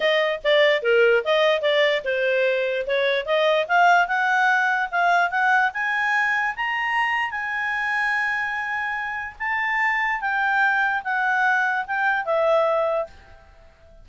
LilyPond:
\new Staff \with { instrumentName = "clarinet" } { \time 4/4 \tempo 4 = 147 dis''4 d''4 ais'4 dis''4 | d''4 c''2 cis''4 | dis''4 f''4 fis''2 | f''4 fis''4 gis''2 |
ais''2 gis''2~ | gis''2. a''4~ | a''4 g''2 fis''4~ | fis''4 g''4 e''2 | }